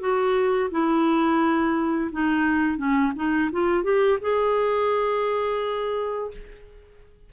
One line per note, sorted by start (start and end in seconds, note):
0.00 0.70 F#4
0.71 2.10 E4
2.12 2.77 D#4
2.77 3.12 C#4
3.15 3.50 D#4
3.52 3.83 F4
3.83 4.18 G4
4.21 6.31 G#4